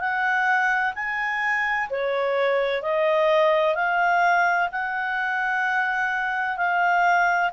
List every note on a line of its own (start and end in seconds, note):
0.00 0.94 F#5
0.95 1.89 G#5
1.90 2.83 C#5
2.83 3.75 D#5
3.75 4.69 F5
4.72 6.57 F#5
6.57 7.51 F5